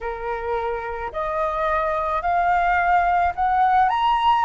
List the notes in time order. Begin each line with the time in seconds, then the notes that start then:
0.01 A#4
1.12 D#5
2.22 F5
3.35 F#5
3.89 A#5